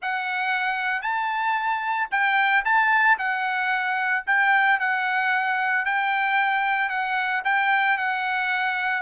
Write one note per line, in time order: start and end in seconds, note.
0.02 1.02 F#5
1.02 2.08 A5
2.11 2.64 G5
2.65 3.18 A5
3.18 4.24 F#5
4.26 4.79 G5
4.79 5.85 F#5
5.85 6.89 G5
6.89 7.42 F#5
7.44 7.97 G5
7.97 9.01 F#5